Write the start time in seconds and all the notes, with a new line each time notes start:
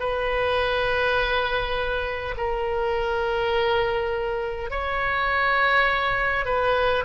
0.00 B4
2.37 A#4
4.71 C#5
6.45 B4